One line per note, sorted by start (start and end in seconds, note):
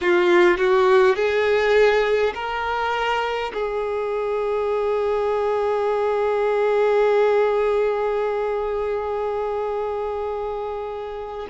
0.01 0.57 F4
0.57 1.15 F#4
1.15 2.33 G#4
2.34 3.52 A#4
3.53 11.47 G#4